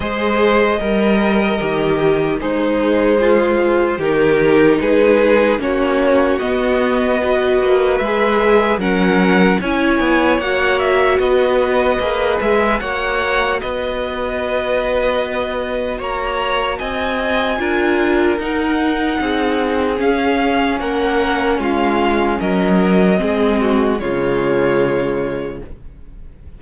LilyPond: <<
  \new Staff \with { instrumentName = "violin" } { \time 4/4 \tempo 4 = 75 dis''2. c''4~ | c''4 ais'4 b'4 cis''4 | dis''2 e''4 fis''4 | gis''4 fis''8 e''8 dis''4. e''8 |
fis''4 dis''2. | ais''4 gis''2 fis''4~ | fis''4 f''4 fis''4 f''4 | dis''2 cis''2 | }
  \new Staff \with { instrumentName = "violin" } { \time 4/4 c''4 ais'2 dis'4 | f'4 g'4 gis'4 fis'4~ | fis'4 b'2 ais'4 | cis''2 b'2 |
cis''4 b'2. | cis''4 dis''4 ais'2 | gis'2 ais'4 f'4 | ais'4 gis'8 fis'8 f'2 | }
  \new Staff \with { instrumentName = "viola" } { \time 4/4 gis'4 ais'4 g'4 gis'4~ | gis'4 dis'2 cis'4 | b4 fis'4 gis'4 cis'4 | e'4 fis'2 gis'4 |
fis'1~ | fis'2 f'4 dis'4~ | dis'4 cis'2.~ | cis'4 c'4 gis2 | }
  \new Staff \with { instrumentName = "cello" } { \time 4/4 gis4 g4 dis4 gis4~ | gis4 dis4 gis4 ais4 | b4. ais8 gis4 fis4 | cis'8 b8 ais4 b4 ais8 gis8 |
ais4 b2. | ais4 c'4 d'4 dis'4 | c'4 cis'4 ais4 gis4 | fis4 gis4 cis2 | }
>>